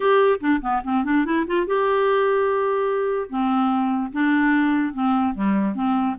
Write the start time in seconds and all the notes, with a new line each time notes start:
0.00 G4
0.40 D4
0.61 B3
0.84 C4
1.04 D4
1.25 E4
1.46 F4
1.66 G4
3.29 C4
4.12 D4
4.93 C4
5.34 G3
5.75 C4